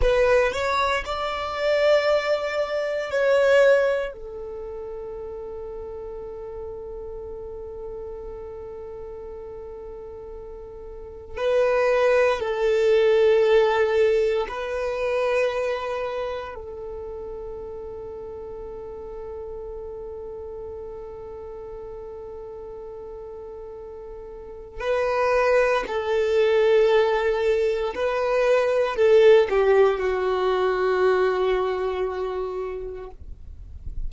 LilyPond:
\new Staff \with { instrumentName = "violin" } { \time 4/4 \tempo 4 = 58 b'8 cis''8 d''2 cis''4 | a'1~ | a'2. b'4 | a'2 b'2 |
a'1~ | a'1 | b'4 a'2 b'4 | a'8 g'8 fis'2. | }